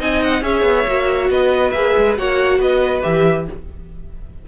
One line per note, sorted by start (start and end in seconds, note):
0.00 0.42 C4
0.00 0.42 D#4
0.00 0.43 D#5
0.00 0.23 G#5
0.23 0.44 F#5
0.42 0.63 C#4
0.42 0.86 G#4
0.42 1.31 C#5
0.42 1.31 E5
0.63 0.84 B3
0.87 1.30 A#3
0.87 1.74 F#4
1.30 1.73 B3
1.30 2.19 B4
1.30 1.72 D#5
1.72 1.95 A#3
1.72 2.18 G#4
1.72 2.15 E5
1.97 2.18 G#3
2.18 2.59 A#3
2.18 3.03 F#4
2.18 2.59 C#5
2.18 2.61 F#5
2.59 3.03 B3
2.59 3.46 B4
2.59 3.03 D#5
3.03 3.49 E3
3.03 3.46 G4
3.03 3.47 E5